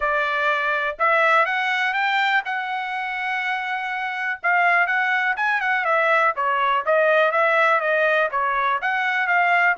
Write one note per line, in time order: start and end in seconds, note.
0.00 0.96 D5
0.98 1.45 E5
1.45 1.93 F#5
1.93 2.42 G5
2.45 4.40 F#5
4.42 4.86 F5
4.86 5.35 F#5
5.36 5.60 G#5
5.61 5.84 F#5
5.84 6.33 E5
6.35 6.84 C#5
6.85 7.31 D#5
7.31 7.80 E5
7.80 8.29 D#5
8.31 8.80 C#5
8.81 9.27 F#5
9.27 9.76 F5